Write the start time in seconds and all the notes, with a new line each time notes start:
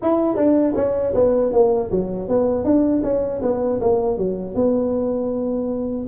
0.02 E4
0.36 D4
0.75 C#4
1.14 B3
1.52 A#3
1.91 F#3
2.28 B3
2.64 D4
3.03 C#4
3.42 B3
3.80 A#3
4.17 F#3
4.55 B3